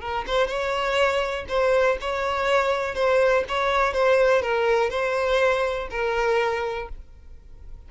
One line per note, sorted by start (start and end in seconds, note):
0.00 0.25 A#4
0.26 0.47 C5
0.47 1.45 C#5
1.48 1.97 C5
2.01 2.94 C#5
2.94 3.44 C5
3.48 3.93 C#5
3.93 4.42 C5
4.42 4.90 A#4
4.90 5.88 C5
5.90 6.89 A#4